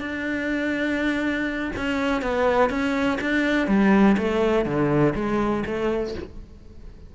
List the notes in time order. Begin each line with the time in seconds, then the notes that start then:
0.00 D4
1.76 C#4
2.21 B3
2.69 C#4
3.21 D4
3.67 G3
4.17 A3
4.65 D3
5.14 G#3
5.65 A3